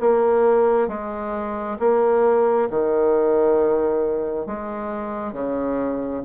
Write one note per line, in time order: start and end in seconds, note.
0.00 0.88 A#3
0.88 1.77 G#3
1.79 2.68 A#3
2.70 4.46 D#3
4.46 5.32 G#3
5.32 6.22 C#3